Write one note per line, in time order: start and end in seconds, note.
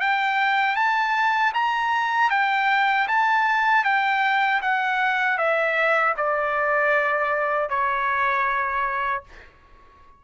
0.00 0.76 G5
0.76 1.52 A5
1.53 2.30 A#5
2.30 3.07 G5
3.07 3.84 A5
3.84 4.61 G5
4.62 5.38 F#5
5.38 6.15 E5
6.17 7.69 D5
7.69 9.23 C#5